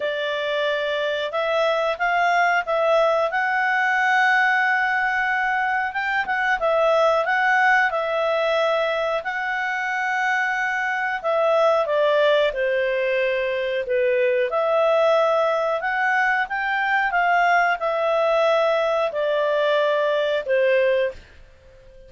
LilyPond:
\new Staff \with { instrumentName = "clarinet" } { \time 4/4 \tempo 4 = 91 d''2 e''4 f''4 | e''4 fis''2.~ | fis''4 g''8 fis''8 e''4 fis''4 | e''2 fis''2~ |
fis''4 e''4 d''4 c''4~ | c''4 b'4 e''2 | fis''4 g''4 f''4 e''4~ | e''4 d''2 c''4 | }